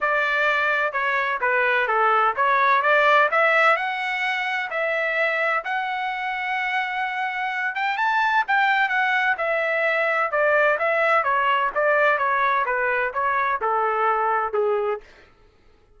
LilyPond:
\new Staff \with { instrumentName = "trumpet" } { \time 4/4 \tempo 4 = 128 d''2 cis''4 b'4 | a'4 cis''4 d''4 e''4 | fis''2 e''2 | fis''1~ |
fis''8 g''8 a''4 g''4 fis''4 | e''2 d''4 e''4 | cis''4 d''4 cis''4 b'4 | cis''4 a'2 gis'4 | }